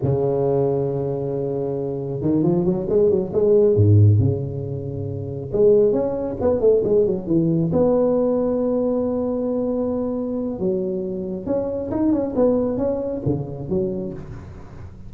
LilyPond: \new Staff \with { instrumentName = "tuba" } { \time 4/4 \tempo 4 = 136 cis1~ | cis4 dis8 f8 fis8 gis8 fis8 gis8~ | gis8 gis,4 cis2~ cis8~ | cis8 gis4 cis'4 b8 a8 gis8 |
fis8 e4 b2~ b8~ | b1 | fis2 cis'4 dis'8 cis'8 | b4 cis'4 cis4 fis4 | }